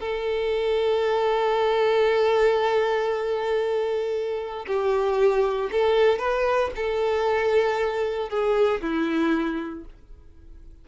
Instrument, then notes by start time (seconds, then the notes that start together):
violin
0.00 A4
4.67 G4
5.71 A4
6.19 B4
6.75 A4
8.29 G#4
8.81 E4